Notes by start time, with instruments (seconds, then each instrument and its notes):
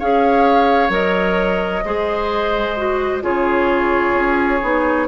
0.00 bassoon C#4, clarinet G#4, oboe C#5, flute F5
0.90 bassoon F#3, clarinet A#4, flute D#5
1.85 bassoon G#3, clarinet G#4, oboe C5
2.77 clarinet F#4
3.22 bassoon C#3, clarinet F4, oboe G#4, flute C#5
4.14 bassoon C#4
4.63 bassoon B3, clarinet D#4